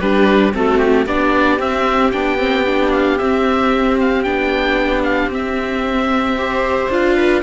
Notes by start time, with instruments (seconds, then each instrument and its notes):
0.00 cello G3, viola D4 G4, oboe B4
0.52 cello A3, viola C4 F#4, oboe A4
0.78 oboe G4
1.05 cello B3, viola D4 G4, oboe D5
1.59 viola C4, cello C4, oboe E5
2.12 cello B3, viola D4, oboe G5
2.38 viola C4
2.66 viola D4
2.92 oboe F5
3.18 viola C4, cello C4, oboe E5
4.00 oboe F5
4.23 cello B3, viola D4, oboe G5
5.03 oboe F5
5.27 cello C4, viola C4
5.34 oboe E5
6.37 viola G4 C5
6.89 cello D4, viola F4, oboe F5
7.16 viola B4